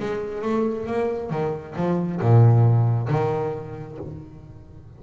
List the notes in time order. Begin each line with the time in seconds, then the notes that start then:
0.00 G#3
0.42 A3
0.87 A#3
1.31 D#3
1.76 F3
2.21 A#2
3.09 D#3